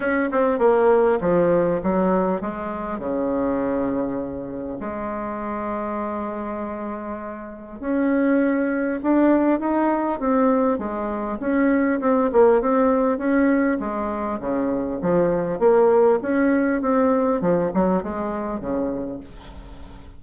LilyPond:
\new Staff \with { instrumentName = "bassoon" } { \time 4/4 \tempo 4 = 100 cis'8 c'8 ais4 f4 fis4 | gis4 cis2. | gis1~ | gis4 cis'2 d'4 |
dis'4 c'4 gis4 cis'4 | c'8 ais8 c'4 cis'4 gis4 | cis4 f4 ais4 cis'4 | c'4 f8 fis8 gis4 cis4 | }